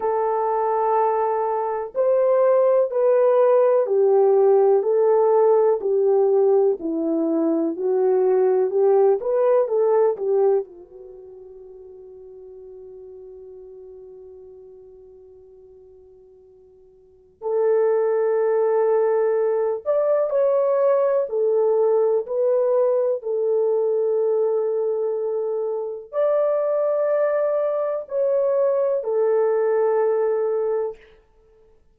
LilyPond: \new Staff \with { instrumentName = "horn" } { \time 4/4 \tempo 4 = 62 a'2 c''4 b'4 | g'4 a'4 g'4 e'4 | fis'4 g'8 b'8 a'8 g'8 fis'4~ | fis'1~ |
fis'2 a'2~ | a'8 d''8 cis''4 a'4 b'4 | a'2. d''4~ | d''4 cis''4 a'2 | }